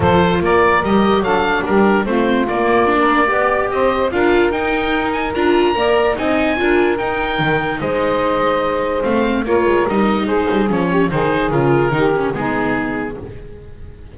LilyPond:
<<
  \new Staff \with { instrumentName = "oboe" } { \time 4/4 \tempo 4 = 146 c''4 d''4 dis''4 f''4 | ais'4 c''4 d''2~ | d''4 dis''4 f''4 g''4~ | g''8 gis''8 ais''2 gis''4~ |
gis''4 g''2 dis''4~ | dis''2 f''4 cis''4 | dis''4 c''4 cis''4 c''4 | ais'2 gis'2 | }
  \new Staff \with { instrumentName = "saxophone" } { \time 4/4 a'4 ais'2 a'4 | g'4 f'2~ f'16 ais'8. | d''4 c''4 ais'2~ | ais'2 d''4 dis''4 |
ais'2. c''4~ | c''2. ais'4~ | ais'4 gis'4. g'8 gis'4~ | gis'4 g'4 dis'2 | }
  \new Staff \with { instrumentName = "viola" } { \time 4/4 f'2 g'4 d'4~ | d'4 c'4 ais4 d'4 | g'2 f'4 dis'4~ | dis'4 f'4 ais'4 dis'4 |
f'4 dis'2.~ | dis'2 c'4 f'4 | dis'2 cis'4 dis'4 | f'4 dis'8 cis'8 b2 | }
  \new Staff \with { instrumentName = "double bass" } { \time 4/4 f4 ais4 g4 fis4 | g4 a4 ais2 | b4 c'4 d'4 dis'4~ | dis'4 d'4 ais4 c'4 |
d'4 dis'4 dis4 gis4~ | gis2 a4 ais8 gis8 | g4 gis8 g8 f4 dis4 | cis4 dis4 gis2 | }
>>